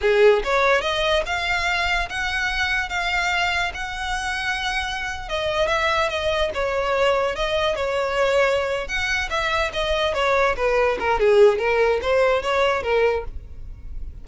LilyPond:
\new Staff \with { instrumentName = "violin" } { \time 4/4 \tempo 4 = 145 gis'4 cis''4 dis''4 f''4~ | f''4 fis''2 f''4~ | f''4 fis''2.~ | fis''8. dis''4 e''4 dis''4 cis''16~ |
cis''4.~ cis''16 dis''4 cis''4~ cis''16~ | cis''4. fis''4 e''4 dis''8~ | dis''8 cis''4 b'4 ais'8 gis'4 | ais'4 c''4 cis''4 ais'4 | }